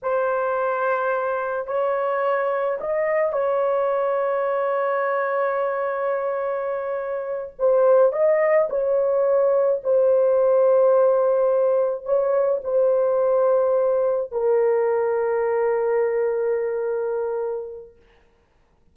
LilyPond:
\new Staff \with { instrumentName = "horn" } { \time 4/4 \tempo 4 = 107 c''2. cis''4~ | cis''4 dis''4 cis''2~ | cis''1~ | cis''4. c''4 dis''4 cis''8~ |
cis''4. c''2~ c''8~ | c''4. cis''4 c''4.~ | c''4. ais'2~ ais'8~ | ais'1 | }